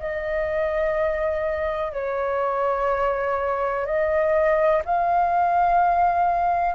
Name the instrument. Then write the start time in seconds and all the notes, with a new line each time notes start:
flute
0.00 D#5
1.93 C#5
3.86 D#5
4.85 F5